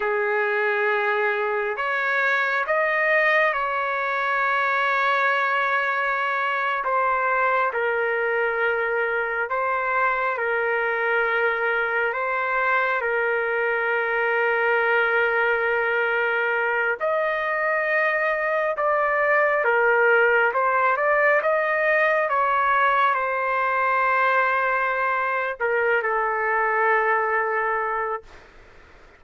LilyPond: \new Staff \with { instrumentName = "trumpet" } { \time 4/4 \tempo 4 = 68 gis'2 cis''4 dis''4 | cis''2.~ cis''8. c''16~ | c''8. ais'2 c''4 ais'16~ | ais'4.~ ais'16 c''4 ais'4~ ais'16~ |
ais'2.~ ais'16 dis''8.~ | dis''4~ dis''16 d''4 ais'4 c''8 d''16~ | d''16 dis''4 cis''4 c''4.~ c''16~ | c''4 ais'8 a'2~ a'8 | }